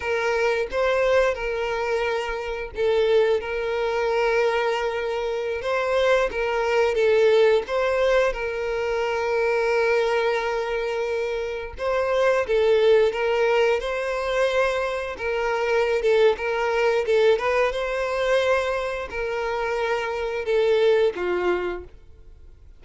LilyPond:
\new Staff \with { instrumentName = "violin" } { \time 4/4 \tempo 4 = 88 ais'4 c''4 ais'2 | a'4 ais'2.~ | ais'16 c''4 ais'4 a'4 c''8.~ | c''16 ais'2.~ ais'8.~ |
ais'4~ ais'16 c''4 a'4 ais'8.~ | ais'16 c''2 ais'4~ ais'16 a'8 | ais'4 a'8 b'8 c''2 | ais'2 a'4 f'4 | }